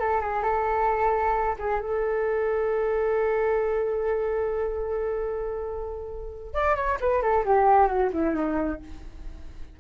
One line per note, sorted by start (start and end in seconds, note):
0.00 0.21 A4
0.21 0.43 G#4
0.43 1.56 A4
1.59 1.80 G#4
1.80 6.54 A4
6.54 6.76 D5
6.76 6.98 C#5
7.01 7.22 B4
7.22 7.45 A4
7.45 7.87 G4
7.87 8.10 F#4
8.13 8.35 E4
8.35 8.80 D#4